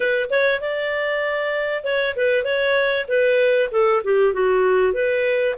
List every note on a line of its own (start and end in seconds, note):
0.00 0.30 B4
0.30 0.60 C#5
0.60 1.84 D5
1.84 2.15 C#5
2.15 2.44 B4
2.44 3.06 C#5
3.08 3.70 B4
3.71 4.02 A4
4.04 4.33 G4
4.33 4.93 F#4
4.93 5.55 B4